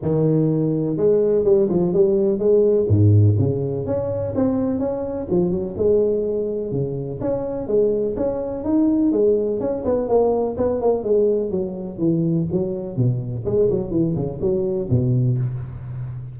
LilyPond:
\new Staff \with { instrumentName = "tuba" } { \time 4/4 \tempo 4 = 125 dis2 gis4 g8 f8 | g4 gis4 gis,4 cis4 | cis'4 c'4 cis'4 f8 fis8 | gis2 cis4 cis'4 |
gis4 cis'4 dis'4 gis4 | cis'8 b8 ais4 b8 ais8 gis4 | fis4 e4 fis4 b,4 | gis8 fis8 e8 cis8 fis4 b,4 | }